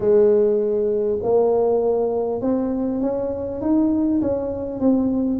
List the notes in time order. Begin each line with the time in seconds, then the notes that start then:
0.00 G#3
1.22 A#3
2.41 C4
3.01 C#4
3.61 D#4
4.21 C#4
4.80 C4